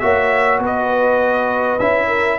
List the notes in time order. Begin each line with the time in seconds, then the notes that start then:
0.00 A#3 F#4 C#5 E5
0.59 B3 B4
0.66 D#5
1.79 C#4 E4 E5
2.08 A#4